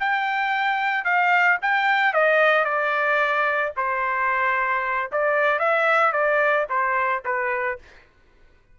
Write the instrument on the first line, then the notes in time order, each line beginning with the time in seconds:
trumpet
0.00 G5
1.05 F5
1.62 G5
2.13 D#5
2.65 D5
3.77 C5
5.12 D5
5.59 E5
6.13 D5
6.69 C5
7.25 B4